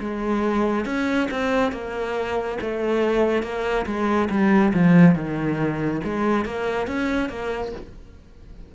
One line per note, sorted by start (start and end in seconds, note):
0.00 0.86 G#3
0.86 1.29 C#4
1.31 1.72 C4
1.72 2.58 A#3
2.61 3.43 A3
3.43 3.86 A#3
3.86 4.29 G#3
4.30 4.73 G3
4.74 5.15 F3
5.15 6.01 D#3
6.04 6.45 G#3
6.45 6.88 A#3
6.88 7.29 C#4
7.29 7.72 A#3